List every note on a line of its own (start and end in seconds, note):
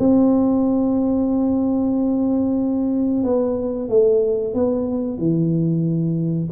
0.00 3.24 C4
3.24 3.89 B3
3.90 4.55 A3
4.55 5.18 B3
5.18 6.49 E3